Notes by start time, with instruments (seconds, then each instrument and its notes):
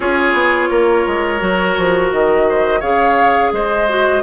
0.00 bassoon C#4, clarinet F4, oboe G#4, flute C#5
0.33 bassoon B3
0.69 bassoon A#3, oboe A#4
1.07 bassoon G#3
1.39 bassoon F#3, clarinet F#4
1.77 bassoon F3
2.12 bassoon D#3, flute D#5
2.49 oboe C5
2.79 bassoon C#3, clarinet G#4, oboe C#5, flute F5
3.51 bassoon G#3, oboe C5, flute D#5
3.88 clarinet F#4